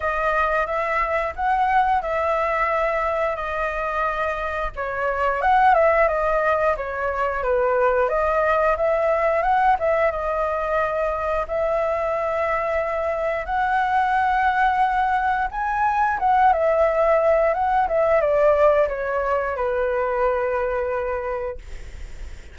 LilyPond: \new Staff \with { instrumentName = "flute" } { \time 4/4 \tempo 4 = 89 dis''4 e''4 fis''4 e''4~ | e''4 dis''2 cis''4 | fis''8 e''8 dis''4 cis''4 b'4 | dis''4 e''4 fis''8 e''8 dis''4~ |
dis''4 e''2. | fis''2. gis''4 | fis''8 e''4. fis''8 e''8 d''4 | cis''4 b'2. | }